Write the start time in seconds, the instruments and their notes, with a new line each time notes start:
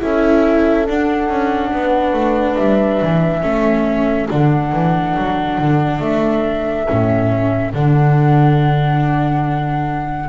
0.00 double bass C#4, viola E4, horn A4, flute E5
0.87 double bass D4, viola D4, flute F#5
1.28 double bass C#4
1.71 double bass B3, horn B4
2.13 double bass A3
2.56 double bass G3, flute E5
3.01 double bass E3
3.41 double bass A3, viola C#4, horn A4
4.29 double bass D3, viola D4, flute F#5
4.72 double bass E3
5.16 double bass F#3
5.58 double bass D3
6.00 double bass A3, flute E5
6.87 double bass A2, viola C#4
7.74 double bass D3, viola D4, flute F#5